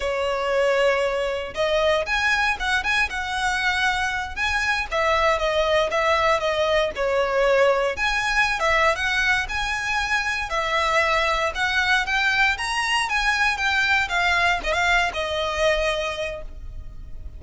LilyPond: \new Staff \with { instrumentName = "violin" } { \time 4/4 \tempo 4 = 117 cis''2. dis''4 | gis''4 fis''8 gis''8 fis''2~ | fis''8 gis''4 e''4 dis''4 e''8~ | e''8 dis''4 cis''2 gis''8~ |
gis''8. e''8. fis''4 gis''4.~ | gis''8 e''2 fis''4 g''8~ | g''8 ais''4 gis''4 g''4 f''8~ | f''8 dis''16 f''8. dis''2~ dis''8 | }